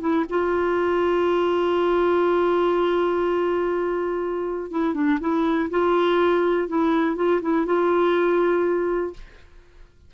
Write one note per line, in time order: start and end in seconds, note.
0.00 0.25 E4
0.29 4.71 F4
4.71 4.94 E4
4.94 5.18 D4
5.20 5.69 E4
5.70 6.68 F4
6.68 7.15 E4
7.15 7.40 F4
7.42 7.65 E4
7.65 9.13 F4